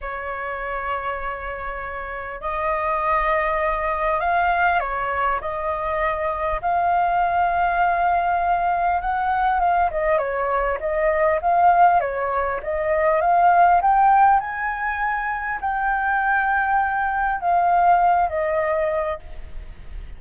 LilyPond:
\new Staff \with { instrumentName = "flute" } { \time 4/4 \tempo 4 = 100 cis''1 | dis''2. f''4 | cis''4 dis''2 f''4~ | f''2. fis''4 |
f''8 dis''8 cis''4 dis''4 f''4 | cis''4 dis''4 f''4 g''4 | gis''2 g''2~ | g''4 f''4. dis''4. | }